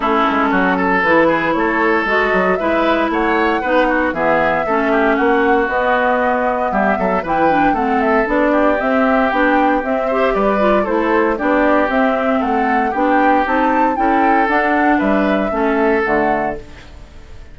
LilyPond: <<
  \new Staff \with { instrumentName = "flute" } { \time 4/4 \tempo 4 = 116 a'2 b'4 cis''4 | dis''4 e''4 fis''2 | e''2 fis''4 dis''4~ | dis''4 e''4 g''4 fis''8 e''8 |
d''4 e''4 g''4 e''4 | d''4 c''4 d''4 e''4 | fis''4 g''4 a''4 g''4 | fis''4 e''2 fis''4 | }
  \new Staff \with { instrumentName = "oboe" } { \time 4/4 e'4 fis'8 a'4 gis'8 a'4~ | a'4 b'4 cis''4 b'8 fis'8 | gis'4 a'8 g'8 fis'2~ | fis'4 g'8 a'8 b'4 a'4~ |
a'8 g'2. c''8 | b'4 a'4 g'2 | a'4 g'2 a'4~ | a'4 b'4 a'2 | }
  \new Staff \with { instrumentName = "clarinet" } { \time 4/4 cis'2 e'2 | fis'4 e'2 dis'4 | b4 cis'2 b4~ | b2 e'8 d'8 c'4 |
d'4 c'4 d'4 c'8 g'8~ | g'8 f'8 e'4 d'4 c'4~ | c'4 d'4 dis'4 e'4 | d'2 cis'4 a4 | }
  \new Staff \with { instrumentName = "bassoon" } { \time 4/4 a8 gis8 fis4 e4 a4 | gis8 fis8 gis4 a4 b4 | e4 a4 ais4 b4~ | b4 g8 fis8 e4 a4 |
b4 c'4 b4 c'4 | g4 a4 b4 c'4 | a4 b4 c'4 cis'4 | d'4 g4 a4 d4 | }
>>